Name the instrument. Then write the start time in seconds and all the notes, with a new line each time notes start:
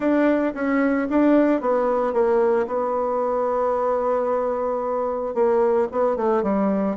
bassoon
0.00 D4
0.54 C#4
1.09 D4
1.60 B3
2.13 A#3
2.66 B3
5.34 A#3
5.91 B3
6.16 A3
6.43 G3